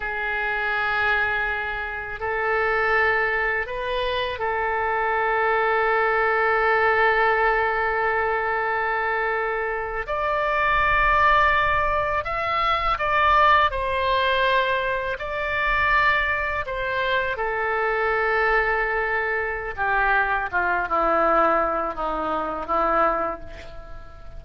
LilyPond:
\new Staff \with { instrumentName = "oboe" } { \time 4/4 \tempo 4 = 82 gis'2. a'4~ | a'4 b'4 a'2~ | a'1~ | a'4.~ a'16 d''2~ d''16~ |
d''8. e''4 d''4 c''4~ c''16~ | c''8. d''2 c''4 a'16~ | a'2. g'4 | f'8 e'4. dis'4 e'4 | }